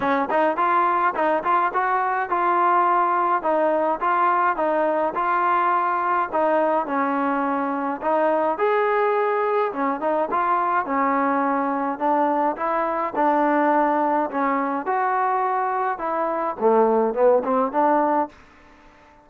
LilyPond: \new Staff \with { instrumentName = "trombone" } { \time 4/4 \tempo 4 = 105 cis'8 dis'8 f'4 dis'8 f'8 fis'4 | f'2 dis'4 f'4 | dis'4 f'2 dis'4 | cis'2 dis'4 gis'4~ |
gis'4 cis'8 dis'8 f'4 cis'4~ | cis'4 d'4 e'4 d'4~ | d'4 cis'4 fis'2 | e'4 a4 b8 c'8 d'4 | }